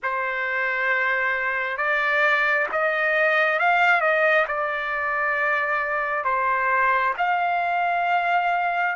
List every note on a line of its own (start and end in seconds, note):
0.02 1.77 C5
1.77 2.66 D5
2.72 3.59 D#5
3.59 4.01 F5
4.01 4.45 D#5
4.47 6.24 D5
6.24 7.14 C5
7.17 8.95 F5